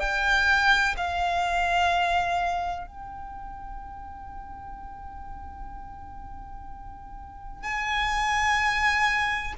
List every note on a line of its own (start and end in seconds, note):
0.00 0.95 G5
0.97 2.87 F5
2.87 7.63 G5
7.63 9.53 G#5